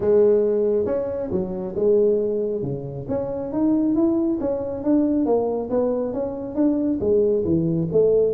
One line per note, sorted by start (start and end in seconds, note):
0.00 0.85 G#3
0.85 1.29 C#4
1.31 1.75 F#3
1.75 2.62 G#3
2.62 3.06 C#3
3.08 3.52 C#4
3.52 3.95 D#4
3.95 4.39 E4
4.40 4.83 C#4
4.83 5.25 D4
5.25 5.69 A#3
5.70 6.13 B3
6.13 6.55 C#4
6.55 6.99 D4
7.00 7.44 G#3
7.44 7.88 E3
7.92 8.33 A3